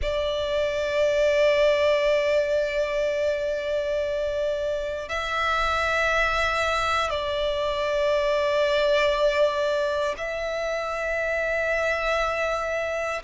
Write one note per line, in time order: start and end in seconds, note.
0.02 5.08 D5
5.08 7.10 E5
7.10 10.15 D5
10.17 13.22 E5